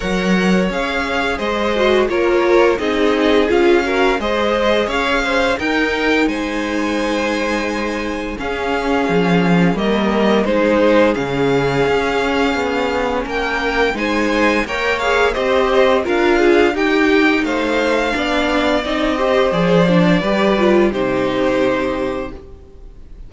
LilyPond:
<<
  \new Staff \with { instrumentName = "violin" } { \time 4/4 \tempo 4 = 86 fis''4 f''4 dis''4 cis''4 | dis''4 f''4 dis''4 f''4 | g''4 gis''2. | f''2 dis''4 c''4 |
f''2. g''4 | gis''4 g''8 f''8 dis''4 f''4 | g''4 f''2 dis''4 | d''2 c''2 | }
  \new Staff \with { instrumentName = "violin" } { \time 4/4 cis''2 c''4 ais'4 | gis'4. ais'8 c''4 cis''8 c''8 | ais'4 c''2. | gis'2 ais'4 gis'4~ |
gis'2. ais'4 | c''4 cis''4 c''4 ais'8 gis'8 | g'4 c''4 d''4. c''8~ | c''4 b'4 g'2 | }
  \new Staff \with { instrumentName = "viola" } { \time 4/4 ais'4 gis'4. fis'8 f'4 | dis'4 f'8 fis'8 gis'2 | dis'1 | cis'2 ais4 dis'4 |
cis'1 | dis'4 ais'8 gis'8 g'4 f'4 | dis'2 d'4 dis'8 g'8 | gis'8 d'8 g'8 f'8 dis'2 | }
  \new Staff \with { instrumentName = "cello" } { \time 4/4 fis4 cis'4 gis4 ais4 | c'4 cis'4 gis4 cis'4 | dis'4 gis2. | cis'4 f4 g4 gis4 |
cis4 cis'4 b4 ais4 | gis4 ais4 c'4 d'4 | dis'4 a4 b4 c'4 | f4 g4 c2 | }
>>